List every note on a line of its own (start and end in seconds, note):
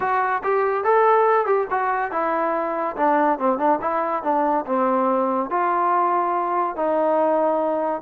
0.00 0.42 F#4
0.43 0.84 G4
0.84 1.46 A4
1.46 1.67 G4
1.70 2.11 F#4
2.11 2.96 E4
2.96 3.38 D4
3.39 3.58 C4
3.58 3.79 D4
3.81 4.23 E4
4.23 4.65 D4
4.66 5.50 C4
5.50 6.76 F4
6.76 8.01 D#4